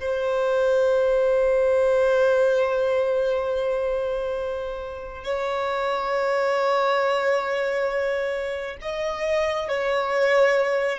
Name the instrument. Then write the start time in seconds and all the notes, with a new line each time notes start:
violin
0.00 C5
5.24 C#5
8.82 D#5
9.69 C#5